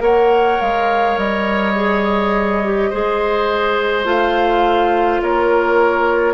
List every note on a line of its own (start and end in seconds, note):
0.00 0.58 A#3
0.00 1.73 A#4
0.00 2.90 C#5
0.00 0.61 F#5
0.61 1.17 G#3
0.61 1.18 F5
1.17 2.90 G3
1.17 4.06 D#5
1.76 2.62 G#4
2.64 2.93 G4
2.90 4.05 G#3
2.90 4.04 G#4
2.90 5.21 C5
4.04 5.20 A3
4.04 6.34 F4
4.04 5.23 F5
5.22 6.34 A#3
5.22 6.34 A#4
5.22 6.34 C#5